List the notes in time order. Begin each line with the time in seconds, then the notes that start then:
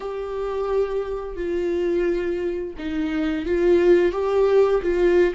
0.00 G4
1.36 F4
2.77 D#4
3.45 F4
4.12 G4
4.82 F4